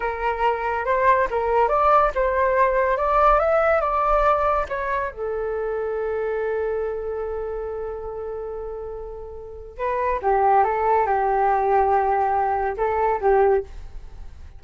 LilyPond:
\new Staff \with { instrumentName = "flute" } { \time 4/4 \tempo 4 = 141 ais'2 c''4 ais'4 | d''4 c''2 d''4 | e''4 d''2 cis''4 | a'1~ |
a'1~ | a'2. b'4 | g'4 a'4 g'2~ | g'2 a'4 g'4 | }